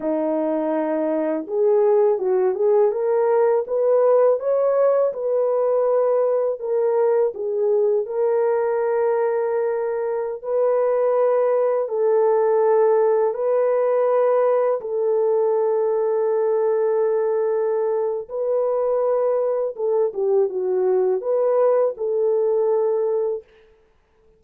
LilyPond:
\new Staff \with { instrumentName = "horn" } { \time 4/4 \tempo 4 = 82 dis'2 gis'4 fis'8 gis'8 | ais'4 b'4 cis''4 b'4~ | b'4 ais'4 gis'4 ais'4~ | ais'2~ ais'16 b'4.~ b'16~ |
b'16 a'2 b'4.~ b'16~ | b'16 a'2.~ a'8.~ | a'4 b'2 a'8 g'8 | fis'4 b'4 a'2 | }